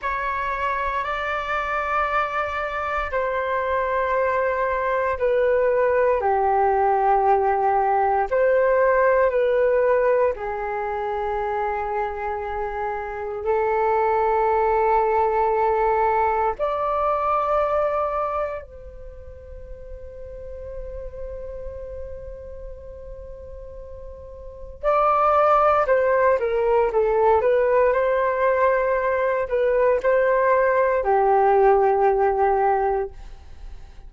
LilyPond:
\new Staff \with { instrumentName = "flute" } { \time 4/4 \tempo 4 = 58 cis''4 d''2 c''4~ | c''4 b'4 g'2 | c''4 b'4 gis'2~ | gis'4 a'2. |
d''2 c''2~ | c''1 | d''4 c''8 ais'8 a'8 b'8 c''4~ | c''8 b'8 c''4 g'2 | }